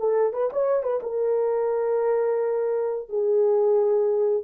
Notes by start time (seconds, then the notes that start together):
0.00 A4
0.33 B4
0.53 C#5
0.83 B4
1.03 A#4
3.09 G#4